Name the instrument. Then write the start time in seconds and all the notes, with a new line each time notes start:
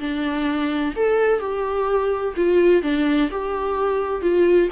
viola
0.00 D4
0.96 A4
1.40 G4
2.36 F4
2.83 D4
3.31 G4
4.22 F4